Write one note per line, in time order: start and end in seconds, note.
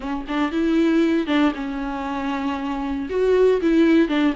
0.00 0.25 C#4
0.28 0.51 D4
0.51 1.26 E4
1.26 1.52 D4
1.54 3.08 C#4
3.09 3.61 F#4
3.61 4.08 E4
4.08 4.34 D4